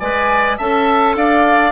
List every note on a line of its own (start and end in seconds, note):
0.00 0.59 G#3
0.00 0.59 B4
0.00 0.58 D5
0.00 0.58 G#5
0.58 1.16 C#4
0.58 1.72 A4
0.58 1.16 E5
0.58 1.16 A5
1.16 1.72 D4
1.16 1.72 D5
1.16 1.72 F5